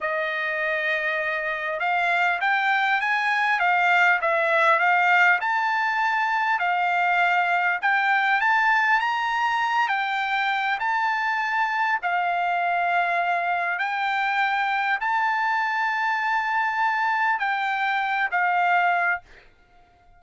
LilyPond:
\new Staff \with { instrumentName = "trumpet" } { \time 4/4 \tempo 4 = 100 dis''2. f''4 | g''4 gis''4 f''4 e''4 | f''4 a''2 f''4~ | f''4 g''4 a''4 ais''4~ |
ais''8 g''4. a''2 | f''2. g''4~ | g''4 a''2.~ | a''4 g''4. f''4. | }